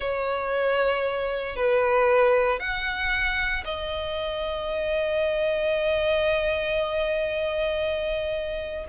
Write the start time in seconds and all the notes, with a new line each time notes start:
0.00 C#5
1.56 B4
2.59 F#5
3.64 D#5